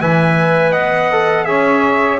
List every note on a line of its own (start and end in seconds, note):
0.00 0.73 E3
0.00 1.11 B4
0.00 0.71 E5
0.00 0.72 G#5
0.71 1.46 B3
0.71 1.45 D#5
0.71 1.45 F#5
1.11 1.46 A4
1.45 2.19 C#4
1.45 2.19 G#4
1.45 2.19 C#5
1.45 2.19 E5